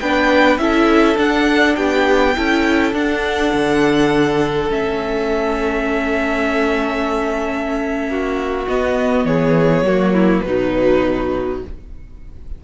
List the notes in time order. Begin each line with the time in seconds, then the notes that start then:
0.00 B3 D4 B4 G5
0.57 C#4 E4 A4 E5
1.16 D4 F#5
1.76 B3 G4 G5
2.36 C#4 E4 A4
2.93 D4 F#5
3.52 D3
4.70 A3 C#4 E5
8.08 A#3 F#4
8.67 B3 D#5
9.25 E3 G#4 C#5
9.82 F#3 A#3 F#4
10.13 E4
10.41 B2 F#3 D#4 B4